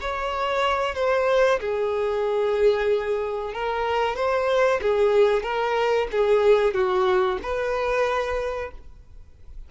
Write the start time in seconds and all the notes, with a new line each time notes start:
0.00 C#5
0.95 C5
1.60 G#4
3.53 A#4
4.16 C5
4.81 G#4
5.43 A#4
6.11 G#4
6.74 F#4
7.42 B4